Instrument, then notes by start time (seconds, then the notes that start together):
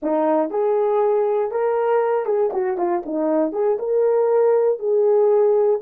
horn
0.02 D#4
0.50 G#4
1.51 A#4
2.25 G#4
2.53 F#4
2.77 F4
3.05 D#4
3.52 G#4
3.79 A#4
4.79 G#4